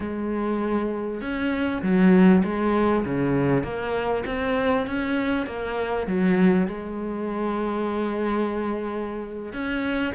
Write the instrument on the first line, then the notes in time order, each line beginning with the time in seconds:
cello
0.00 G#3
1.21 C#4
1.82 F#3
2.44 G#3
3.05 C#3
3.63 A#3
4.26 C4
4.86 C#4
5.46 A#3
6.06 F#3
6.67 G#3
9.53 C#4